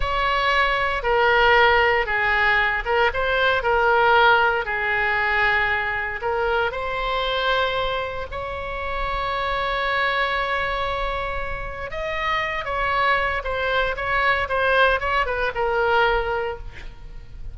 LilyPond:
\new Staff \with { instrumentName = "oboe" } { \time 4/4 \tempo 4 = 116 cis''2 ais'2 | gis'4. ais'8 c''4 ais'4~ | ais'4 gis'2. | ais'4 c''2. |
cis''1~ | cis''2. dis''4~ | dis''8 cis''4. c''4 cis''4 | c''4 cis''8 b'8 ais'2 | }